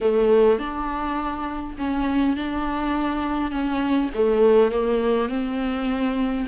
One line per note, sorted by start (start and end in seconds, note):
0.00 0.58 A3
0.58 1.76 D4
1.78 2.36 C#4
2.36 3.51 D4
3.51 4.09 C#4
4.14 4.71 A3
4.71 5.29 A#3
5.29 6.46 C4